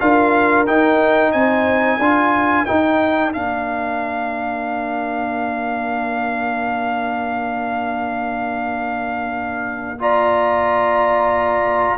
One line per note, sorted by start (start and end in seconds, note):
0.00 0.68 D4
0.00 0.67 F4
0.00 1.33 A#4
0.00 0.67 F5
0.67 2.00 D#4
0.67 1.34 D#4
0.67 1.32 G5
1.32 1.99 C4
1.32 1.99 C5
1.32 2.65 G#5
1.99 2.66 D4
1.99 2.67 F4
1.99 9.99 A#4
2.65 3.32 D#4
2.65 3.35 D#4
2.65 3.32 G5
3.32 11.98 A#3
3.32 9.99 D4
3.32 10.00 F5
10.00 11.98 F4
10.00 11.98 D5
10.00 11.98 A#5